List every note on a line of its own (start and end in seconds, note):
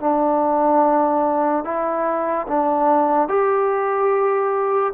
0.00 1.64 D4
1.64 2.46 E4
2.47 3.28 D4
3.28 4.92 G4